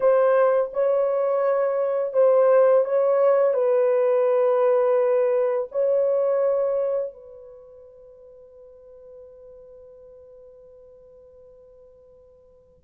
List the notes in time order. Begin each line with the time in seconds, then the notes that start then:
0.00 C5
0.73 C#5
2.13 C5
2.84 C#5
3.53 B4
5.71 C#5
7.13 B4